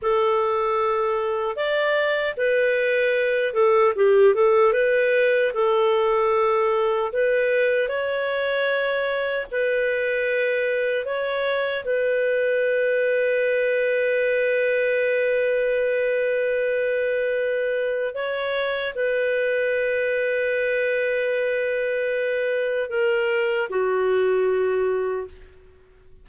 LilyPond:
\new Staff \with { instrumentName = "clarinet" } { \time 4/4 \tempo 4 = 76 a'2 d''4 b'4~ | b'8 a'8 g'8 a'8 b'4 a'4~ | a'4 b'4 cis''2 | b'2 cis''4 b'4~ |
b'1~ | b'2. cis''4 | b'1~ | b'4 ais'4 fis'2 | }